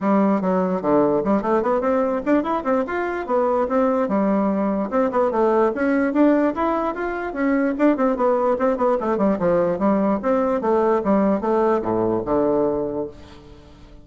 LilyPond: \new Staff \with { instrumentName = "bassoon" } { \time 4/4 \tempo 4 = 147 g4 fis4 d4 g8 a8 | b8 c'4 d'8 e'8 c'8 f'4 | b4 c'4 g2 | c'8 b8 a4 cis'4 d'4 |
e'4 f'4 cis'4 d'8 c'8 | b4 c'8 b8 a8 g8 f4 | g4 c'4 a4 g4 | a4 a,4 d2 | }